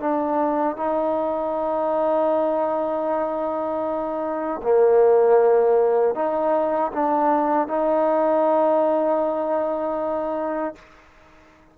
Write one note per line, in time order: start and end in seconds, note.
0.00 0.77 D4
0.77 4.61 D#4
4.63 6.15 A#3
6.15 6.92 D#4
6.93 7.67 D4
7.67 10.75 D#4